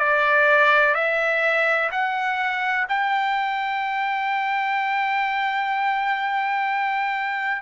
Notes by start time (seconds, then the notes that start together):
0.00 D5
0.95 E5
1.92 F#5
2.89 G5